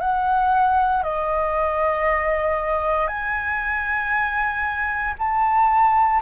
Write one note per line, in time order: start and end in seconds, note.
0.00 1.03 F#5
1.03 3.07 D#5
3.07 5.14 G#5
5.19 6.22 A5